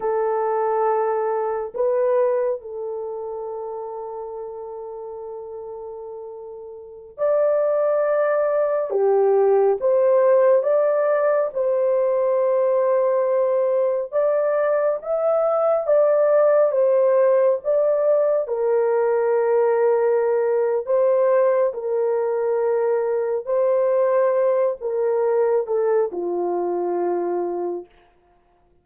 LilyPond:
\new Staff \with { instrumentName = "horn" } { \time 4/4 \tempo 4 = 69 a'2 b'4 a'4~ | a'1~ | a'16 d''2 g'4 c''8.~ | c''16 d''4 c''2~ c''8.~ |
c''16 d''4 e''4 d''4 c''8.~ | c''16 d''4 ais'2~ ais'8. | c''4 ais'2 c''4~ | c''8 ais'4 a'8 f'2 | }